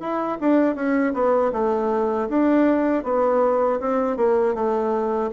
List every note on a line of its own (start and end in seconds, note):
0.00 0.38 E4
0.40 0.76 D4
0.76 1.14 C#4
1.14 1.52 B3
1.53 2.29 A3
2.29 3.04 D4
3.04 3.80 B3
3.80 4.17 C4
4.17 4.55 A#3
4.55 5.31 A3